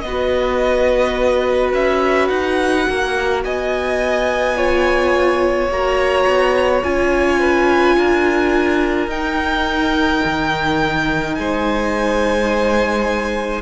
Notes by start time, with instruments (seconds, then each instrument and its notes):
0.00 cello B3, violin D#5
0.06 viola F#4, violin B4
1.73 cello C#4, violin E5
2.28 cello D#4, violin F#5
2.88 cello A#3, violin A#4
3.44 cello B3, violin D#5 G#5
4.56 viola F4, violin C#5
5.68 cello A#3, viola F#4, violin A#5
6.26 cello B3
6.83 cello C#4, viola F4, violin G#5
7.39 violin B4
7.96 cello D4, violin A#4
9.07 cello D#4, viola D#4, violin G5
10.25 cello D#3
11.35 cello G#3, violin C5 G#5